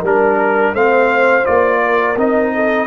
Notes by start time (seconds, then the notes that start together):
0.00 G3 D4 A#4
0.73 A3 C4 C5 F5
1.44 A#3 F4 D5
1.84 A#4
2.16 C4 D#4 D#5
2.55 A4